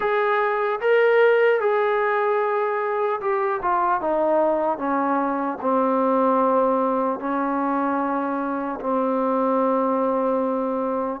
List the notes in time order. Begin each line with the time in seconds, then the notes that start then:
0.00 G#4
0.80 A#4
1.60 G#4
3.20 G4
3.62 F4
4.00 D#4
4.78 C#4
5.61 C4
7.19 C#4
8.80 C4